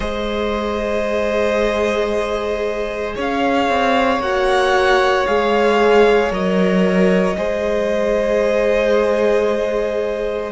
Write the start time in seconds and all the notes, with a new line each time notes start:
0.00 G#3 G#4 C5 D#5
3.15 C#4 C#5 F5
3.69 C4
4.19 A#3 F#4 F#5
5.26 G#3 G#4 F5
6.30 F#3 A#4 D#5
7.36 G#3 G#4 C5